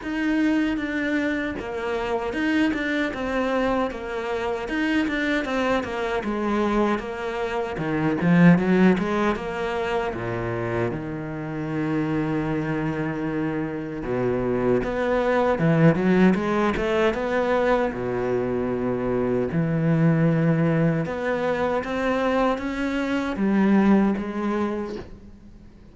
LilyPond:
\new Staff \with { instrumentName = "cello" } { \time 4/4 \tempo 4 = 77 dis'4 d'4 ais4 dis'8 d'8 | c'4 ais4 dis'8 d'8 c'8 ais8 | gis4 ais4 dis8 f8 fis8 gis8 | ais4 ais,4 dis2~ |
dis2 b,4 b4 | e8 fis8 gis8 a8 b4 b,4~ | b,4 e2 b4 | c'4 cis'4 g4 gis4 | }